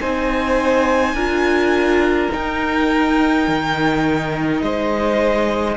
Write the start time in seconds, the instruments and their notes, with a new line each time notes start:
0.00 cello C4, viola D#4, violin C5 G#5
1.14 cello D4, viola F4, violin A#4
2.30 viola D#4, cello D#4, violin G5
3.48 cello D#3
4.62 cello G#3, violin C5 D#5